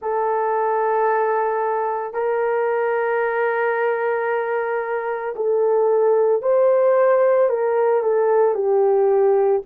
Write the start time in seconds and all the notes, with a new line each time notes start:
0.01 A4
2.13 A#4
5.35 A4
6.42 C5
7.49 A#4
8.02 A4
8.54 G4